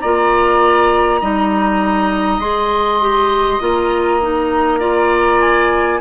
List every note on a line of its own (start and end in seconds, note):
0.00 1.22 A#3
0.00 1.21 F4
0.00 1.21 D5
0.00 2.40 A#5
1.21 2.39 G3
1.21 2.41 D#4
1.21 4.79 D#5
2.39 3.58 G#3
2.39 3.01 G#4
2.39 3.60 C6
3.01 3.61 G4
3.61 6.00 A#3
3.61 4.21 F4
3.61 5.41 A#5
4.21 4.80 D#4
4.79 6.00 F4
4.79 6.00 D5
5.41 6.00 G#5